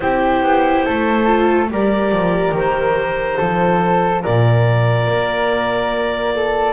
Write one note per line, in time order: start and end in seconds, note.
0.00 0.41 C4
0.00 1.26 E4
0.00 0.85 G4
0.00 1.67 C5
0.41 0.83 B3
0.85 1.70 A3
0.85 1.69 A4
1.26 1.68 F4
1.69 2.11 G3
1.69 3.37 G4
1.69 3.37 A#4
1.69 2.56 D5
2.11 2.51 F3
2.51 3.36 D#3
2.51 4.23 C5
3.37 4.24 F3
3.37 6.72 F4
3.37 4.21 A4
4.22 5.07 A#2
4.22 6.33 A#4
4.22 6.72 D5
5.07 6.72 A#3
6.35 6.72 A4